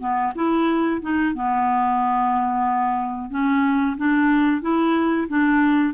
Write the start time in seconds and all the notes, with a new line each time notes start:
0.00 B3
0.35 E4
1.02 D#4
1.34 B3
3.30 C#4
3.97 D4
4.62 E4
5.29 D4